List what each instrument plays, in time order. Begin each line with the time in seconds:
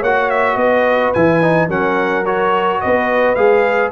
0.00 tuba A#3, trombone F#4, horn C#5, trumpet F#5
0.30 trumpet E5
0.56 tuba B3, horn B4, trumpet D#5
1.14 tuba E3, trombone E4, trumpet G#5
1.42 trombone D#4
1.69 tuba F#3, trombone C#4, horn A#4, trumpet F#5
2.26 trombone F#4, trumpet C#5
2.81 tuba B3, horn B4, trumpet D#5
3.35 tuba G#3, trombone G#4, trumpet F5